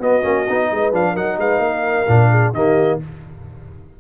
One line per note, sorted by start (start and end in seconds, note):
0.00 0.23 B3
0.00 0.69 F#4
0.00 0.94 D#5
0.23 0.47 A#3
0.23 0.46 C#4
0.49 0.72 B3
0.49 0.93 D#4
0.72 0.93 G#3
0.72 1.13 B4
0.93 1.16 F3
0.93 1.16 D4
0.93 1.17 F5
1.13 1.38 F#3
1.13 2.07 D#4
1.13 1.36 A#4
1.13 1.39 F#5
1.38 1.59 G#3
1.38 1.63 B4
1.38 2.54 F5
1.59 2.05 A#3
1.59 2.31 A#4
2.08 2.53 A#2
2.08 2.54 D4
2.31 2.53 G#4
2.53 2.99 D#3
2.53 3.00 A#3
2.53 3.00 G4
2.53 3.00 D#5